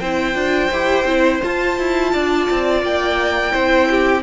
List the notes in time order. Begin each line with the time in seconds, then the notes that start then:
0.00 C4 E4 C5 G5
0.34 D4 F4
0.72 E4 G4
1.05 C4 E4
1.42 F4 A5
1.79 E4
2.13 D4 D5
2.50 C4
2.83 A#3 G5
3.52 C4 E4 C5
3.90 G4